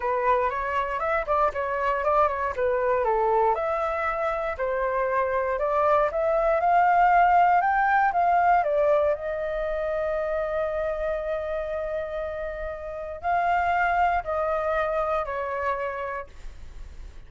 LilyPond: \new Staff \with { instrumentName = "flute" } { \time 4/4 \tempo 4 = 118 b'4 cis''4 e''8 d''8 cis''4 | d''8 cis''8 b'4 a'4 e''4~ | e''4 c''2 d''4 | e''4 f''2 g''4 |
f''4 d''4 dis''2~ | dis''1~ | dis''2 f''2 | dis''2 cis''2 | }